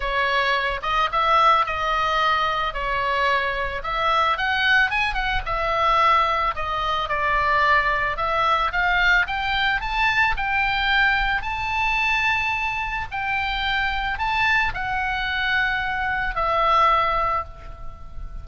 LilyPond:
\new Staff \with { instrumentName = "oboe" } { \time 4/4 \tempo 4 = 110 cis''4. dis''8 e''4 dis''4~ | dis''4 cis''2 e''4 | fis''4 gis''8 fis''8 e''2 | dis''4 d''2 e''4 |
f''4 g''4 a''4 g''4~ | g''4 a''2. | g''2 a''4 fis''4~ | fis''2 e''2 | }